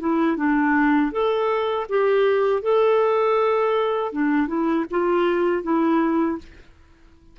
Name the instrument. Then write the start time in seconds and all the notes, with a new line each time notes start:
clarinet
0.00 E4
0.37 D4
1.12 A4
1.89 G4
2.62 A4
4.12 D4
4.48 E4
4.91 F4
5.63 E4